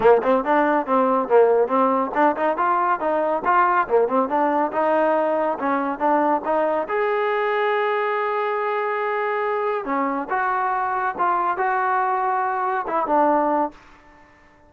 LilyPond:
\new Staff \with { instrumentName = "trombone" } { \time 4/4 \tempo 4 = 140 ais8 c'8 d'4 c'4 ais4 | c'4 d'8 dis'8 f'4 dis'4 | f'4 ais8 c'8 d'4 dis'4~ | dis'4 cis'4 d'4 dis'4 |
gis'1~ | gis'2. cis'4 | fis'2 f'4 fis'4~ | fis'2 e'8 d'4. | }